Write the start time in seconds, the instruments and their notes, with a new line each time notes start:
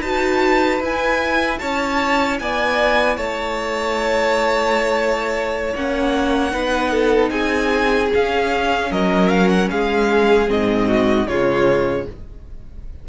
0.00 cello D#4, viola F#4, violin B4 A5
0.80 cello E4, viola E4, violin G#5
1.59 cello C#4, violin C#5 A5
2.39 cello B3, violin D5 G#5
3.17 cello A3, violin C#5 A5
5.75 cello A#3, viola C#4, violin F#5
6.51 cello B3, viola D#4, violin B4
6.91 violin A4
7.30 cello C4, violin G#4 G#5
8.12 viola C#4, cello C#4, violin F5
8.91 cello F#3, violin A#4 D#5
9.29 violin F5
9.49 violin F#5
9.70 cello G#3, violin G#4 F5
10.47 cello G#2, viola C4, violin D#5
10.88 violin F#4
11.27 cello C#3, viola G#3, violin F4 C#5